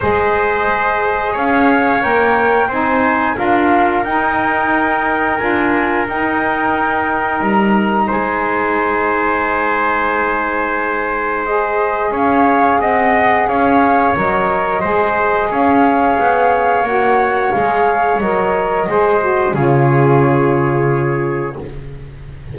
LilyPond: <<
  \new Staff \with { instrumentName = "flute" } { \time 4/4 \tempo 4 = 89 dis''2 f''4 g''4 | gis''4 f''4 g''2 | gis''4 g''2 ais''4 | gis''1~ |
gis''4 dis''4 f''4 fis''4 | f''4 dis''2 f''4~ | f''4 fis''4 f''4 dis''4~ | dis''4 cis''2. | }
  \new Staff \with { instrumentName = "trumpet" } { \time 4/4 c''2 cis''2 | c''4 ais'2.~ | ais'1 | c''1~ |
c''2 cis''4 dis''4 | cis''2 c''4 cis''4~ | cis''1 | c''4 gis'2. | }
  \new Staff \with { instrumentName = "saxophone" } { \time 4/4 gis'2. ais'4 | dis'4 f'4 dis'2 | f'4 dis'2.~ | dis'1~ |
dis'4 gis'2.~ | gis'4 ais'4 gis'2~ | gis'4 fis'4 gis'4 ais'4 | gis'8 fis'8 f'2. | }
  \new Staff \with { instrumentName = "double bass" } { \time 4/4 gis2 cis'4 ais4 | c'4 d'4 dis'2 | d'4 dis'2 g4 | gis1~ |
gis2 cis'4 c'4 | cis'4 fis4 gis4 cis'4 | b4 ais4 gis4 fis4 | gis4 cis2. | }
>>